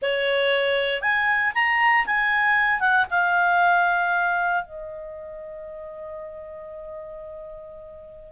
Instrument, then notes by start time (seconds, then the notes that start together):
clarinet
0.01 C#5
1.01 G#5
1.54 A#5
2.06 G#5
2.80 F#5
3.10 F5
4.63 D#5